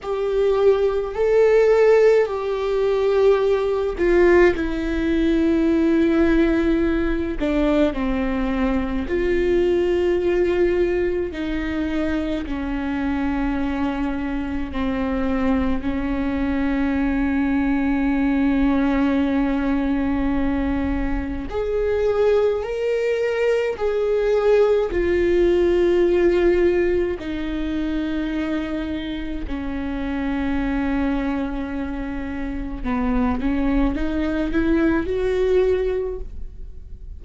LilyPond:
\new Staff \with { instrumentName = "viola" } { \time 4/4 \tempo 4 = 53 g'4 a'4 g'4. f'8 | e'2~ e'8 d'8 c'4 | f'2 dis'4 cis'4~ | cis'4 c'4 cis'2~ |
cis'2. gis'4 | ais'4 gis'4 f'2 | dis'2 cis'2~ | cis'4 b8 cis'8 dis'8 e'8 fis'4 | }